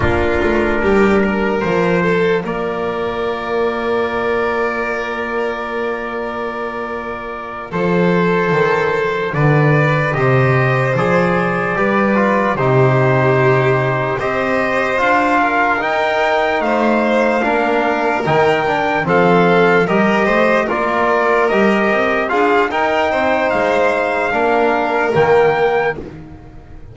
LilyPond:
<<
  \new Staff \with { instrumentName = "trumpet" } { \time 4/4 \tempo 4 = 74 ais'2 c''4 d''4~ | d''1~ | d''4. c''2 d''8~ | d''8 dis''4 d''2 c''8~ |
c''4. dis''4 f''4 g''8~ | g''8 f''2 g''4 f''8~ | f''8 dis''4 d''4 dis''4 f''8 | g''4 f''2 g''4 | }
  \new Staff \with { instrumentName = "violin" } { \time 4/4 f'4 g'8 ais'4 a'8 ais'4~ | ais'1~ | ais'4. a'2 b'8~ | b'8 c''2 b'4 g'8~ |
g'4. c''4. ais'4~ | ais'8 c''4 ais'2 a'8~ | a'8 ais'8 c''8 ais'2 gis'8 | ais'8 c''4. ais'2 | }
  \new Staff \with { instrumentName = "trombone" } { \time 4/4 d'2 f'2~ | f'1~ | f'1~ | f'8 g'4 gis'4 g'8 f'8 dis'8~ |
dis'4. g'4 f'4 dis'8~ | dis'4. d'4 dis'8 d'8 c'8~ | c'8 g'4 f'4 g'4 f'8 | dis'2 d'4 ais4 | }
  \new Staff \with { instrumentName = "double bass" } { \time 4/4 ais8 a8 g4 f4 ais4~ | ais1~ | ais4. f4 dis4 d8~ | d8 c4 f4 g4 c8~ |
c4. c'4 d'4 dis'8~ | dis'8 a4 ais4 dis4 f8~ | f8 g8 a8 ais4 g8 c'8 d'8 | dis'8 c'8 gis4 ais4 dis4 | }
>>